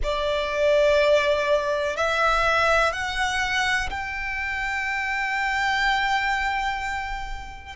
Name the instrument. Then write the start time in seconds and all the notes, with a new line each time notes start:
violin
0.03 D5
1.96 E5
2.93 F#5
3.89 G5